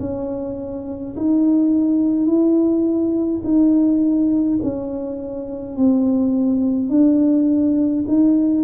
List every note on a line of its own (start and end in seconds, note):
0.00 1.15 C#4
1.16 2.27 D#4
2.27 3.42 E4
3.44 4.59 D#4
4.63 5.77 C#4
5.77 6.90 C4
6.90 8.05 D4
8.08 8.64 D#4